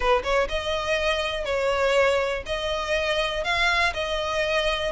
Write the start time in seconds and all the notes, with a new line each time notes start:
0.00 B4
0.23 C#5
0.48 D#5
1.44 C#5
2.46 D#5
3.44 F5
3.93 D#5